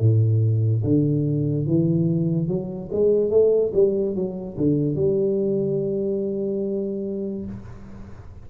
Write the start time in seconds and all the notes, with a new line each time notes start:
0.00 A2
0.84 D3
1.67 E3
2.48 F#3
2.92 G#3
3.31 A3
3.74 G3
4.16 F#3
4.58 D3
4.95 G3